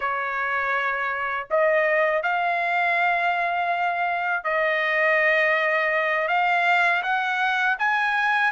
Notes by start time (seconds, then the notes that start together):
0.00 C#5
1.50 D#5
2.22 F5
4.44 D#5
6.28 F5
7.02 F#5
7.78 G#5